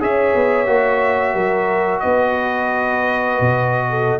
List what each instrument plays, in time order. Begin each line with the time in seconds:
0.00 tuba C#4, trombone G#4, horn C#5, trumpet E5
0.35 tuba B3
0.66 tuba A#3, trombone F#4
1.33 tuba F#3, horn A#4
1.99 tuba B3, horn B4, trumpet D#5
3.40 tuba B2
3.89 horn A4